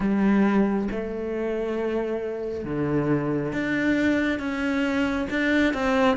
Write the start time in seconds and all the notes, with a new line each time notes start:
0.00 G3
0.91 A3
2.64 D3
3.53 D4
4.39 C#4
5.30 D4
5.74 C4